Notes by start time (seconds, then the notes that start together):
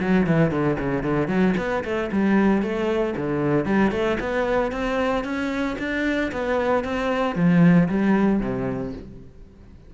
0.00 F#3
0.26 E3
0.51 D3
0.79 C#3
1.03 D3
1.28 F#3
1.57 B3
1.84 A3
2.12 G3
2.62 A3
3.16 D3
3.65 G3
3.91 A3
4.20 B3
4.71 C4
5.24 C#4
5.78 D4
6.32 B3
6.84 C4
7.35 F3
7.88 G3
8.40 C3